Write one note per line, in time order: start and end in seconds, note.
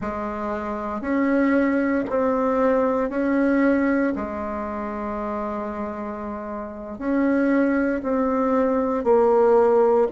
0.00 1.01 G#3
1.01 2.04 C#4
2.09 3.09 C4
3.09 4.13 C#4
4.15 6.98 G#3
6.98 8.01 C#4
8.02 9.04 C4
9.04 10.07 A#3